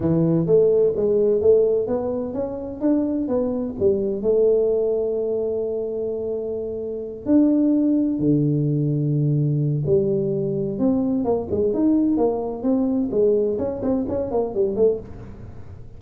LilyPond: \new Staff \with { instrumentName = "tuba" } { \time 4/4 \tempo 4 = 128 e4 a4 gis4 a4 | b4 cis'4 d'4 b4 | g4 a2.~ | a2.~ a8 d'8~ |
d'4. d2~ d8~ | d4 g2 c'4 | ais8 gis8 dis'4 ais4 c'4 | gis4 cis'8 c'8 cis'8 ais8 g8 a8 | }